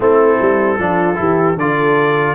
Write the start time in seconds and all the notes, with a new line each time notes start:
0.00 A3 C4 E4 A4
0.41 G3
0.78 F3 D4 F4
1.15 E3 E4 G4
1.56 D3 F4 A4 D5